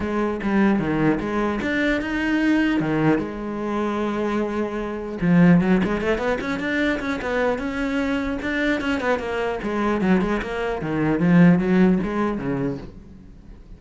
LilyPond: \new Staff \with { instrumentName = "cello" } { \time 4/4 \tempo 4 = 150 gis4 g4 dis4 gis4 | d'4 dis'2 dis4 | gis1~ | gis4 f4 fis8 gis8 a8 b8 |
cis'8 d'4 cis'8 b4 cis'4~ | cis'4 d'4 cis'8 b8 ais4 | gis4 fis8 gis8 ais4 dis4 | f4 fis4 gis4 cis4 | }